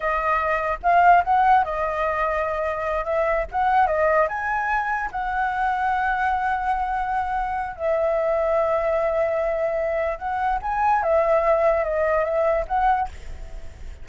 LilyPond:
\new Staff \with { instrumentName = "flute" } { \time 4/4 \tempo 4 = 147 dis''2 f''4 fis''4 | dis''2.~ dis''8 e''8~ | e''8 fis''4 dis''4 gis''4.~ | gis''8 fis''2.~ fis''8~ |
fis''2. e''4~ | e''1~ | e''4 fis''4 gis''4 e''4~ | e''4 dis''4 e''4 fis''4 | }